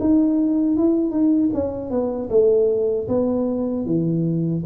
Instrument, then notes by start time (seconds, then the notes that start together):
tuba
0.00 D#4
0.77 E4
1.11 D#4
1.53 C#4
1.90 B3
2.30 A3
3.08 B3
3.85 E3